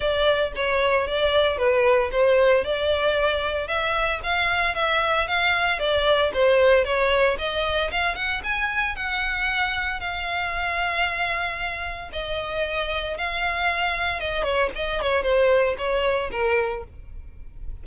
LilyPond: \new Staff \with { instrumentName = "violin" } { \time 4/4 \tempo 4 = 114 d''4 cis''4 d''4 b'4 | c''4 d''2 e''4 | f''4 e''4 f''4 d''4 | c''4 cis''4 dis''4 f''8 fis''8 |
gis''4 fis''2 f''4~ | f''2. dis''4~ | dis''4 f''2 dis''8 cis''8 | dis''8 cis''8 c''4 cis''4 ais'4 | }